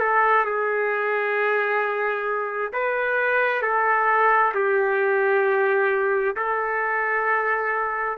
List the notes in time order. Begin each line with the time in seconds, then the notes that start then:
0.00 A4
0.45 G#4
2.73 B4
3.62 A4
4.55 G4
6.37 A4